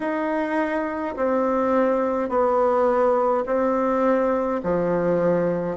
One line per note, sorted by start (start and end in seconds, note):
0.00 1.15 D#4
1.16 2.29 C4
2.29 3.44 B3
3.46 4.61 C4
4.63 5.77 F3